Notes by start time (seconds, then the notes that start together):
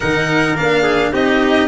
0.00 D#3 D#4 A#4 F#5
0.56 A#3 D4 F5
0.82 G#4
1.12 C4 D#4 G4 D#5